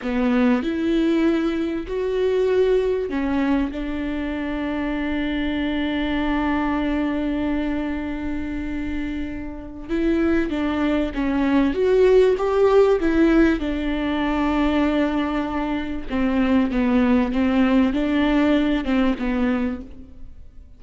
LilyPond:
\new Staff \with { instrumentName = "viola" } { \time 4/4 \tempo 4 = 97 b4 e'2 fis'4~ | fis'4 cis'4 d'2~ | d'1~ | d'1 |
e'4 d'4 cis'4 fis'4 | g'4 e'4 d'2~ | d'2 c'4 b4 | c'4 d'4. c'8 b4 | }